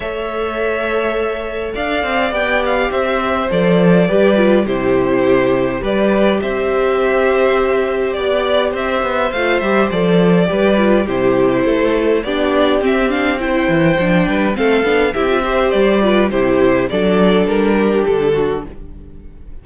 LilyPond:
<<
  \new Staff \with { instrumentName = "violin" } { \time 4/4 \tempo 4 = 103 e''2. f''4 | g''8 f''8 e''4 d''2 | c''2 d''4 e''4~ | e''2 d''4 e''4 |
f''8 e''8 d''2 c''4~ | c''4 d''4 e''8 f''8 g''4~ | g''4 f''4 e''4 d''4 | c''4 d''4 ais'4 a'4 | }
  \new Staff \with { instrumentName = "violin" } { \time 4/4 cis''2. d''4~ | d''4 c''2 b'4 | g'2 b'4 c''4~ | c''2 d''4 c''4~ |
c''2 b'4 g'4 | a'4 g'2 c''4~ | c''8 b'8 a'4 g'8 c''4 b'8 | g'4 a'4. g'4 fis'8 | }
  \new Staff \with { instrumentName = "viola" } { \time 4/4 a'1 | g'2 a'4 g'8 f'8 | e'2 g'2~ | g'1 |
f'8 g'8 a'4 g'8 f'8 e'4~ | e'4 d'4 c'8 d'8 e'4 | d'4 c'8 d'8 e'16 f'16 g'4 f'8 | e'4 d'2. | }
  \new Staff \with { instrumentName = "cello" } { \time 4/4 a2. d'8 c'8 | b4 c'4 f4 g4 | c2 g4 c'4~ | c'2 b4 c'8 b8 |
a8 g8 f4 g4 c4 | a4 b4 c'4. e8 | f8 g8 a8 b8 c'4 g4 | c4 fis4 g4 d4 | }
>>